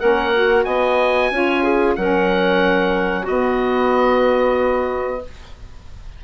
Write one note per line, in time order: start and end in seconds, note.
0.00 0.66 A#3
0.00 0.33 C#4
0.00 0.65 A#4
0.00 0.65 F#5
0.34 1.32 F#4
0.65 1.31 B3
0.65 1.31 D#5
0.65 1.95 G#5
1.31 1.96 C#4
1.31 1.97 F4
1.31 1.63 C#5
1.63 1.96 G#4
1.96 3.28 F#3
1.96 3.27 C#4
1.96 3.23 A#4
1.96 3.26 F#5
3.23 5.23 B3
3.23 5.24 B3
3.23 5.19 F#4
3.23 5.23 D#5